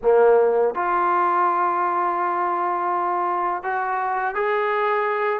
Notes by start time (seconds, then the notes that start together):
0.02 A#3
0.75 F4
3.63 F#4
4.34 G#4